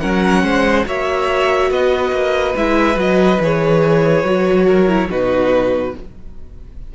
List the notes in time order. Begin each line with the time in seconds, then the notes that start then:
0.00 F#3 C#4 A#4 F#5
0.43 G#3 C5
0.86 A#3 F#4 C#5 E5
1.70 B3 B4 D#5
2.12 A#3
2.56 G#3 E4 E5
2.95 F#3 F#4 D#5
3.40 E3 G#4 C#5
4.24 F#3 F#4
4.66 A#4
4.87 E4
5.10 B2 D#4 F#4 B4